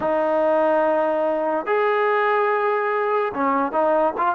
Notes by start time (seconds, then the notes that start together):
0.00 D#4
1.66 G#4
3.34 C#4
3.72 D#4
4.17 F4